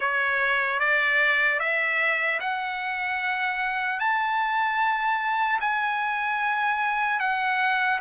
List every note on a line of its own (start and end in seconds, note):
0.00 0.79 C#5
0.79 1.59 D5
1.59 2.39 E5
2.40 3.99 F#5
3.99 5.59 A5
5.60 7.19 G#5
7.19 7.99 F#5